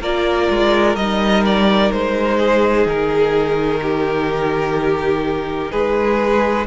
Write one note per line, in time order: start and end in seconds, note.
0.00 0.48 A#3
0.00 0.97 F4
0.00 2.37 A#4
0.00 0.96 D5
0.49 0.95 G#3
0.95 1.90 G3
0.95 6.66 D#4
0.95 1.43 D#5
1.45 1.91 D5
1.91 2.85 G#3
1.91 2.87 C5
2.37 3.80 G#4
2.85 5.71 D#3
2.85 5.71 A#4
3.82 5.71 G4
5.71 6.66 G#3
5.71 6.66 G#4
5.71 6.66 B4